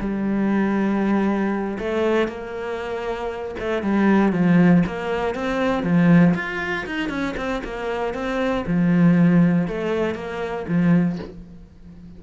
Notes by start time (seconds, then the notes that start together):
0.00 G3
1.79 A3
2.28 A#3
3.59 A3
3.83 G3
4.33 F3
4.87 A#3
5.35 C4
5.83 F3
6.35 F4
6.86 D#4
7.09 C#4
7.37 C4
7.64 A#3
8.14 C4
8.67 F3
9.67 A3
10.15 A#3
10.68 F3